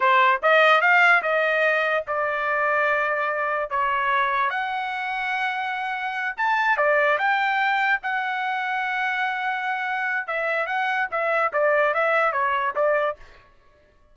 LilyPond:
\new Staff \with { instrumentName = "trumpet" } { \time 4/4 \tempo 4 = 146 c''4 dis''4 f''4 dis''4~ | dis''4 d''2.~ | d''4 cis''2 fis''4~ | fis''2.~ fis''8 a''8~ |
a''8 d''4 g''2 fis''8~ | fis''1~ | fis''4 e''4 fis''4 e''4 | d''4 e''4 cis''4 d''4 | }